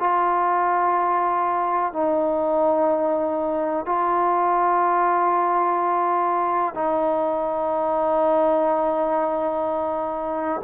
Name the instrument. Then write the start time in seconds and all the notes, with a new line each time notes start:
trombone
0.00 F4
1.93 D#4
3.86 F4
6.75 D#4